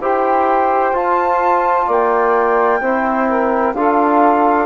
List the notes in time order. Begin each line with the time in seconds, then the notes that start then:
0.00 E4 G4 C5 G5
0.92 F4 A5
1.86 A#3 D5 G5
2.80 C4 E4 C5
3.28 A#4
3.74 D4 F4 A4 F5